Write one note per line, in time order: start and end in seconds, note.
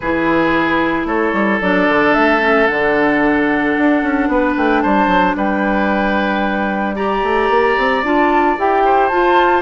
0.00 1.04 E3
0.00 1.62 E4
0.00 1.07 G#4
0.00 1.05 B4
1.04 1.31 A3
1.04 4.28 A4
1.04 1.60 C#5
1.32 1.59 G3
1.61 1.88 F#3
1.61 2.40 D4
1.61 2.13 D5
1.88 2.15 D3
2.13 2.68 A3
2.13 2.66 E5
2.40 2.67 C#4
2.66 3.77 D3
2.66 6.96 D4
2.66 4.54 F#5
3.77 4.03 D4
4.03 4.27 C#4
4.27 4.54 B3
4.27 4.82 B4
4.56 4.83 A3
4.56 4.81 G5
4.81 5.07 G3
4.81 5.35 C5
4.81 5.35 A5
5.07 5.34 F#3
5.35 7.22 G3
5.35 6.95 B4
5.35 6.95 G5
6.95 8.03 G4
6.95 8.83 D5
6.95 8.02 A#5
7.22 7.49 A3
7.49 7.75 A#3
7.77 8.03 C4
8.03 8.56 D4
8.03 8.57 F4
8.03 8.58 A5
8.57 9.11 E4
8.57 9.11 G4
8.57 9.08 G5
8.84 9.62 C5
9.08 9.62 F4
9.08 9.62 A5